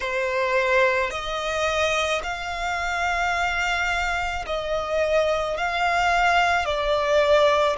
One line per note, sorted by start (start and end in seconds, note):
0.00 1.10 C5
1.10 2.21 D#5
2.23 4.45 F5
4.46 5.57 D#5
5.57 6.65 F5
6.65 7.76 D5